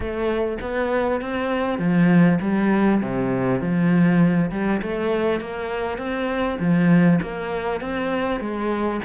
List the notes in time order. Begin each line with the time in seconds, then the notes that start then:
0.00 A3
0.61 B3
1.21 C4
1.78 F3
2.41 G3
3.01 C3
3.60 F3
4.51 G3
4.82 A3
5.40 A#3
5.98 C4
6.59 F3
7.21 A#3
7.80 C4
8.40 G#3